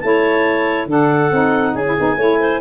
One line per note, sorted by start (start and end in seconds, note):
0.00 0.86 A3
0.00 0.88 E4
0.00 0.89 C#5
0.00 0.86 A5
0.86 1.29 D3
0.86 1.31 D4
0.86 1.74 A4
0.86 1.75 F#5
1.31 1.74 C4
1.31 1.85 D#4
1.74 1.96 C#4
1.74 2.17 G#4
1.74 2.61 G#5
1.86 1.97 E4
1.97 2.17 B3
1.97 2.19 D#4
2.17 2.60 A3
2.17 2.61 E4
2.17 2.40 C#5
2.40 2.61 C5